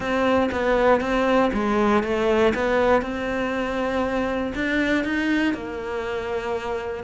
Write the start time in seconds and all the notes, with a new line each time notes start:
0.00 C4
0.51 B3
1.00 C4
1.53 G#3
2.03 A3
2.54 B3
3.01 C4
4.54 D4
5.04 D#4
5.54 A#3